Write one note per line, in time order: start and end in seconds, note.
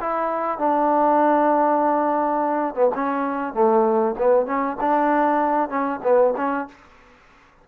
0.00 0.58 E4
0.58 2.74 D4
2.75 2.90 B3
2.94 3.53 C#4
3.53 4.15 A3
4.18 4.46 B3
4.46 4.77 C#4
4.80 5.69 D4
5.69 6.00 C#4
6.03 6.34 B3
6.37 6.68 C#4